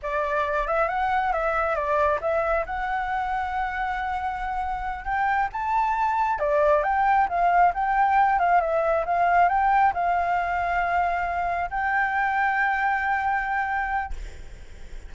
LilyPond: \new Staff \with { instrumentName = "flute" } { \time 4/4 \tempo 4 = 136 d''4. e''8 fis''4 e''4 | d''4 e''4 fis''2~ | fis''2.~ fis''8 g''8~ | g''8 a''2 d''4 g''8~ |
g''8 f''4 g''4. f''8 e''8~ | e''8 f''4 g''4 f''4.~ | f''2~ f''8 g''4.~ | g''1 | }